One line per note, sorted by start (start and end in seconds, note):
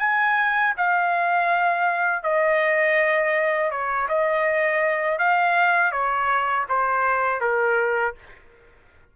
0.00 0.74 G#5
0.77 2.24 F5
2.24 3.71 D#5
3.71 4.08 C#5
4.09 5.19 D#5
5.19 5.92 F5
5.92 6.66 C#5
6.69 7.41 C5
7.41 8.15 A#4